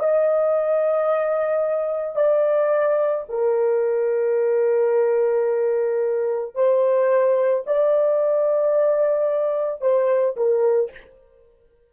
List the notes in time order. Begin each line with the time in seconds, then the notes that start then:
0.00 D#5
2.16 D5
3.29 A#4
6.55 C5
7.67 D5
9.81 C5
10.36 A#4